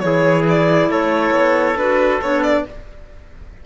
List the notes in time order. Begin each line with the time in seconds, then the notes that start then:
0.00 E3 E4 G#4 C#5
0.49 D5
0.90 A3 A4 C#5
1.31 B3
1.77 D4 F#4 B4
2.22 B3 D4 C#5
2.44 D5